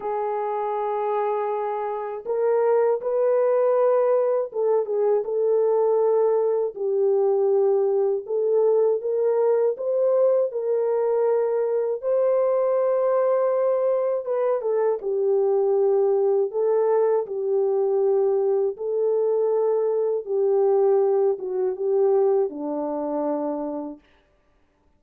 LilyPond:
\new Staff \with { instrumentName = "horn" } { \time 4/4 \tempo 4 = 80 gis'2. ais'4 | b'2 a'8 gis'8 a'4~ | a'4 g'2 a'4 | ais'4 c''4 ais'2 |
c''2. b'8 a'8 | g'2 a'4 g'4~ | g'4 a'2 g'4~ | g'8 fis'8 g'4 d'2 | }